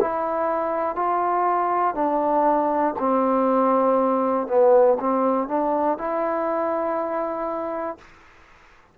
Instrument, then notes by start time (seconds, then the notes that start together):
trombone
0.00 E4
0.95 F4
1.95 D4
2.99 C4
4.47 B3
5.00 C4
5.48 D4
5.97 E4